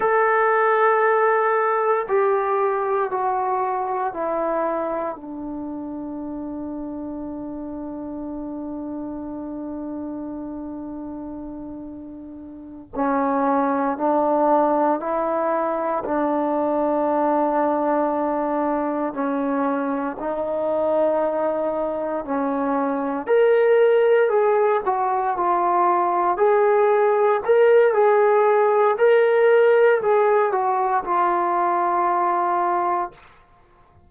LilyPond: \new Staff \with { instrumentName = "trombone" } { \time 4/4 \tempo 4 = 58 a'2 g'4 fis'4 | e'4 d'2.~ | d'1~ | d'8 cis'4 d'4 e'4 d'8~ |
d'2~ d'8 cis'4 dis'8~ | dis'4. cis'4 ais'4 gis'8 | fis'8 f'4 gis'4 ais'8 gis'4 | ais'4 gis'8 fis'8 f'2 | }